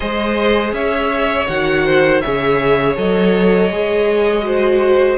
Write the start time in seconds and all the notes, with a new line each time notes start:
0.00 G#3 G#4 C5 D#5
0.72 C#4 C#5 E5
1.47 D#3 F#4 F#5
1.85 C5
2.21 C#3 G#4 C#5 E5
2.96 F#3 A4 D#5
3.69 G#3 G#4
4.42 F#4 C5